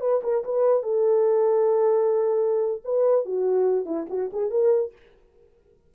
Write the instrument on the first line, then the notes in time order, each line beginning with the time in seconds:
horn
0.00 B4
0.23 A#4
0.44 B4
0.83 A4
2.84 B4
3.25 F#4
3.85 E4
4.09 F#4
4.33 G#4
4.50 A#4